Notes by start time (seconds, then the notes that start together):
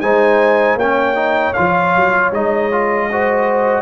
0.00 G#3 D#4 C5 G#5
0.75 A#3 C#4 C#5 G5
1.14 D#4
1.53 F3 F4 F5
1.95 F#3
2.31 G#3 D#4 D#5
2.71 F4
3.10 F#4 C5